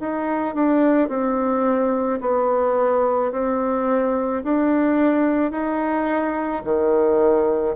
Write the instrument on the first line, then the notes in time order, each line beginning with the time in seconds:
bassoon
0.00 D#4
0.55 D4
1.09 C4
2.21 B3
3.32 C4
4.44 D4
5.52 D#4
6.65 D#3